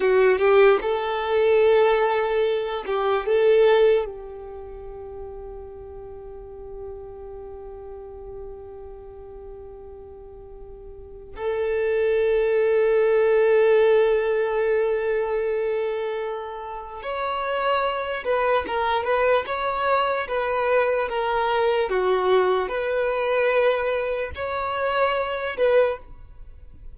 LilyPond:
\new Staff \with { instrumentName = "violin" } { \time 4/4 \tempo 4 = 74 fis'8 g'8 a'2~ a'8 g'8 | a'4 g'2.~ | g'1~ | g'2 a'2~ |
a'1~ | a'4 cis''4. b'8 ais'8 b'8 | cis''4 b'4 ais'4 fis'4 | b'2 cis''4. b'8 | }